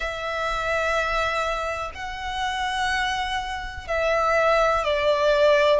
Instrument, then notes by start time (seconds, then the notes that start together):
violin
0.00 E5
1.94 F#5
3.87 E5
4.84 D5